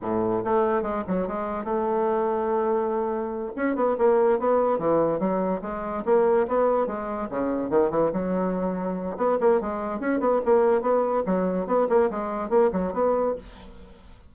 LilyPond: \new Staff \with { instrumentName = "bassoon" } { \time 4/4 \tempo 4 = 144 a,4 a4 gis8 fis8 gis4 | a1~ | a8 cis'8 b8 ais4 b4 e8~ | e8 fis4 gis4 ais4 b8~ |
b8 gis4 cis4 dis8 e8 fis8~ | fis2 b8 ais8 gis4 | cis'8 b8 ais4 b4 fis4 | b8 ais8 gis4 ais8 fis8 b4 | }